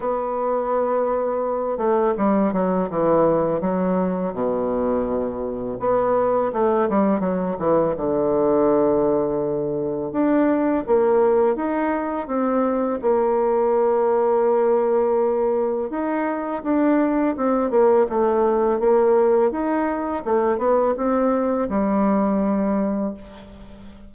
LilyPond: \new Staff \with { instrumentName = "bassoon" } { \time 4/4 \tempo 4 = 83 b2~ b8 a8 g8 fis8 | e4 fis4 b,2 | b4 a8 g8 fis8 e8 d4~ | d2 d'4 ais4 |
dis'4 c'4 ais2~ | ais2 dis'4 d'4 | c'8 ais8 a4 ais4 dis'4 | a8 b8 c'4 g2 | }